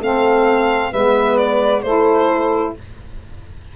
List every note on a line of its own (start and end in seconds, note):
0.00 0.91 A3
0.00 0.93 C4
0.00 0.91 A4
0.00 0.93 F5
0.91 1.83 G#3
0.91 1.84 B3
0.91 1.82 B4
0.91 1.37 E5
1.37 1.82 D5
1.82 2.74 A3
1.82 2.76 E4
1.82 2.73 A4
1.82 2.73 C5